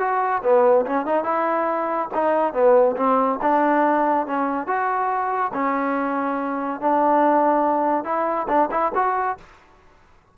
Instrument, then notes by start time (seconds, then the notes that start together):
trombone
0.00 F#4
0.43 B3
0.86 C#4
1.06 D#4
1.24 E4
2.15 D#4
2.54 B3
2.97 C4
3.42 D4
4.27 C#4
4.67 F#4
5.54 C#4
6.81 D4
8.05 E4
8.49 D4
8.72 E4
8.96 F#4